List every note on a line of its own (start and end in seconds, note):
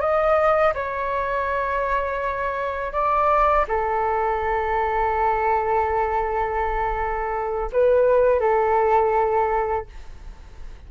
0.00 0.73 D#5
0.74 2.92 C#5
2.92 3.65 D5
3.68 7.70 A4
7.72 8.39 B4
8.39 9.86 A4